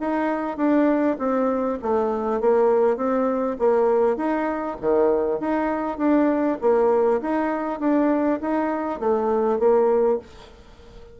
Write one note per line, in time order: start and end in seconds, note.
0.00 0.57 D#4
0.57 1.17 D4
1.18 1.78 C4
1.82 2.40 A3
2.40 2.96 A#3
2.96 3.56 C4
3.59 4.16 A#3
4.16 4.76 D#4
4.81 5.40 D#3
5.40 5.98 D#4
5.98 6.58 D4
6.61 7.21 A#3
7.21 7.80 D#4
7.80 8.40 D4
8.41 8.99 D#4
8.99 9.59 A3
9.59 10.19 A#3